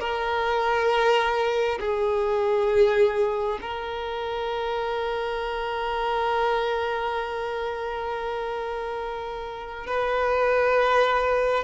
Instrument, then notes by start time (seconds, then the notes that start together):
violin
0.00 A#4
1.80 G#4
3.62 A#4
9.87 B4